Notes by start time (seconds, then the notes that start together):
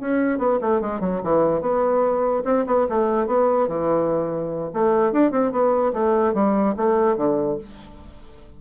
0.00 C#4
0.38 B3
0.61 A3
0.81 G#3
1.00 F#3
1.23 E3
1.61 B3
2.45 C4
2.66 B3
2.89 A3
3.27 B3
3.68 E3
4.73 A3
5.12 D4
5.31 C4
5.51 B3
5.93 A3
6.34 G3
6.77 A3
7.16 D3